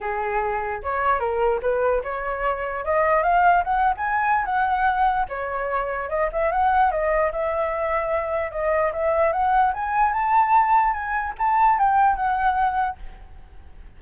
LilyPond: \new Staff \with { instrumentName = "flute" } { \time 4/4 \tempo 4 = 148 gis'2 cis''4 ais'4 | b'4 cis''2 dis''4 | f''4 fis''8. gis''4~ gis''16 fis''4~ | fis''4 cis''2 dis''8 e''8 |
fis''4 dis''4 e''2~ | e''4 dis''4 e''4 fis''4 | gis''4 a''2 gis''4 | a''4 g''4 fis''2 | }